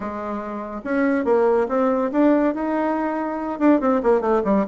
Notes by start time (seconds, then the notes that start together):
0.00 G#3
0.84 C#4
1.25 A#3
1.68 C4
2.12 D4
2.54 D#4
3.59 D4
3.80 C4
4.02 A#3
4.20 A3
4.44 G3